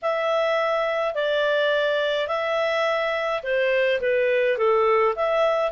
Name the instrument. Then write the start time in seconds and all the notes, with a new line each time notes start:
clarinet
0.02 E5
1.14 D5
2.27 E5
3.43 C5
4.01 B4
4.57 A4
5.15 E5